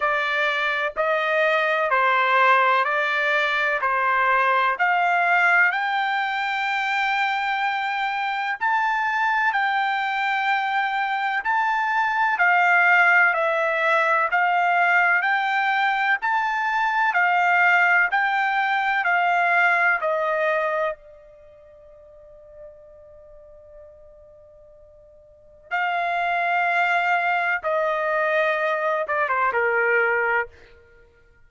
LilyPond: \new Staff \with { instrumentName = "trumpet" } { \time 4/4 \tempo 4 = 63 d''4 dis''4 c''4 d''4 | c''4 f''4 g''2~ | g''4 a''4 g''2 | a''4 f''4 e''4 f''4 |
g''4 a''4 f''4 g''4 | f''4 dis''4 d''2~ | d''2. f''4~ | f''4 dis''4. d''16 c''16 ais'4 | }